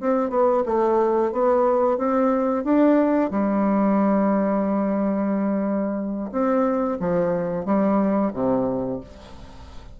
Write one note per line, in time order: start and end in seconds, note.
0.00 0.30 C4
0.30 0.63 B3
0.65 1.32 A3
1.32 1.98 B3
1.98 2.64 C4
2.64 3.30 D4
3.30 6.30 G3
6.32 6.98 C4
7.00 7.65 F3
7.65 8.32 G3
8.33 9.00 C3